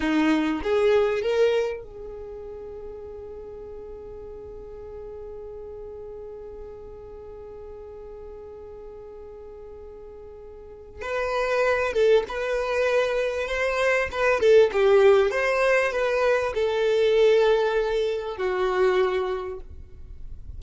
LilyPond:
\new Staff \with { instrumentName = "violin" } { \time 4/4 \tempo 4 = 98 dis'4 gis'4 ais'4 gis'4~ | gis'1~ | gis'1~ | gis'1~ |
gis'2 b'4. a'8 | b'2 c''4 b'8 a'8 | g'4 c''4 b'4 a'4~ | a'2 fis'2 | }